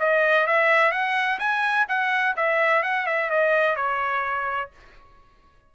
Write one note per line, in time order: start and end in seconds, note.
0.00 0.47 D#5
0.47 0.92 E5
0.92 1.39 F#5
1.40 1.87 G#5
1.89 2.36 F#5
2.37 2.83 E5
2.83 3.07 F#5
3.07 3.30 E5
3.30 3.76 D#5
3.76 4.71 C#5